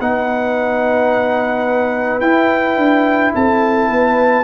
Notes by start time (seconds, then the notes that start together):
0.00 B3 D#4 B4 F#5
2.21 E4 G5
2.77 D4
3.35 C4 A4 A5
3.89 B3 B4